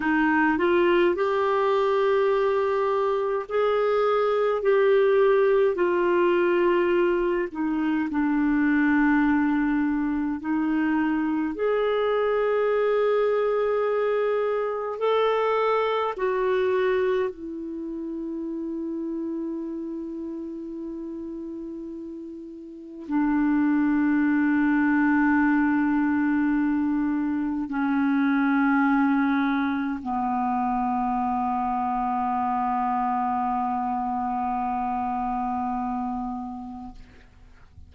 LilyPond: \new Staff \with { instrumentName = "clarinet" } { \time 4/4 \tempo 4 = 52 dis'8 f'8 g'2 gis'4 | g'4 f'4. dis'8 d'4~ | d'4 dis'4 gis'2~ | gis'4 a'4 fis'4 e'4~ |
e'1 | d'1 | cis'2 b2~ | b1 | }